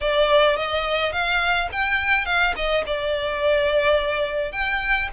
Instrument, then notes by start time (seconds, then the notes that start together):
violin
0.01 D5
0.56 D#5
1.12 F5
1.71 G5
2.25 F5
2.55 D#5
2.86 D5
4.52 G5